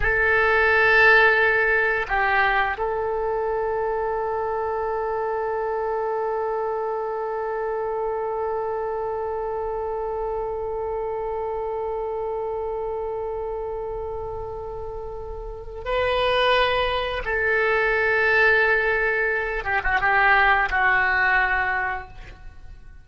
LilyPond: \new Staff \with { instrumentName = "oboe" } { \time 4/4 \tempo 4 = 87 a'2. g'4 | a'1~ | a'1~ | a'1~ |
a'1~ | a'2. b'4~ | b'4 a'2.~ | a'8 g'16 fis'16 g'4 fis'2 | }